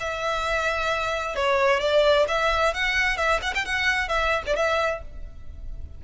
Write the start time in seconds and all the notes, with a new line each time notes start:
0.00 E5
1.36 C#5
1.80 D5
2.28 E5
2.74 F#5
3.17 E5
3.42 F#5
3.55 G5
3.65 F#5
4.08 E5
4.47 D5
4.56 E5